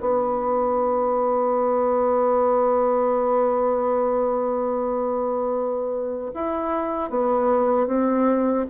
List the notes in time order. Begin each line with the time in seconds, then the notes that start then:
0.00 B3
6.34 E4
7.10 B3
7.87 C4